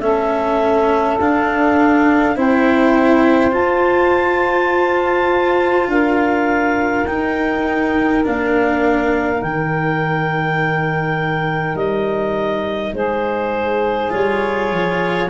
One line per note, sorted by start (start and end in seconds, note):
0.00 1.18 A3
0.00 1.19 C#4
0.00 2.36 A4
0.00 1.18 E5
1.19 2.36 D4
1.19 2.35 D4
1.19 2.37 F5
2.35 3.53 C4
2.35 3.51 E4
2.35 5.88 C5
2.35 3.54 G5
3.51 7.04 F4
3.51 5.87 F4
3.51 5.89 A5
5.87 7.05 D4
5.87 12.93 A#4
5.87 7.05 F5
7.05 8.24 D#4
7.05 8.23 G5
8.24 9.41 A#3
8.24 9.39 D4
8.24 9.42 F5
9.39 11.75 D#3
9.39 14.09 D#4
9.39 11.76 G5
11.75 12.92 G3
11.75 12.94 D#5
12.93 14.11 G#3
12.93 15.29 G#4
12.93 14.12 C5
14.10 14.70 G3
14.10 15.27 F4
14.10 15.29 C#5
14.70 15.29 F3